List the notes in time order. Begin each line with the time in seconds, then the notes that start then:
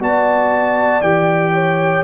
0.00 B3 F#4 D5 A5
1.01 E3 G4 G5
1.53 C#5